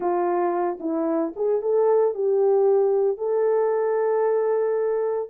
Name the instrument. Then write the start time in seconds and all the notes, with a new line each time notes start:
horn
0.00 F4
0.80 E4
1.35 G#4
1.61 A4
2.14 G4
3.17 A4